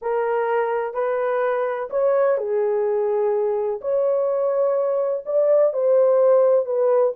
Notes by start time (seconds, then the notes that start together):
0.01 A#4
0.94 B4
1.90 C#5
2.37 G#4
3.81 C#5
5.25 D5
5.73 C5
6.65 B4